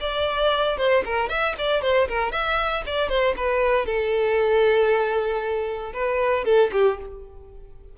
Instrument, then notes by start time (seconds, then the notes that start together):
violin
0.00 D5
0.77 C5
1.05 A#4
1.29 E5
1.58 D5
1.82 C5
2.08 A#4
2.31 E5
2.86 D5
3.08 C5
3.36 B4
3.86 A4
5.93 B4
6.44 A4
6.72 G4